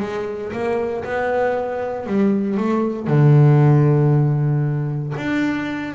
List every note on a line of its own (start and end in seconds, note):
0.00 0.52 G#3
0.52 1.04 A#3
1.04 2.06 B3
2.06 2.57 G3
2.57 3.07 A3
3.07 5.14 D3
5.17 5.94 D4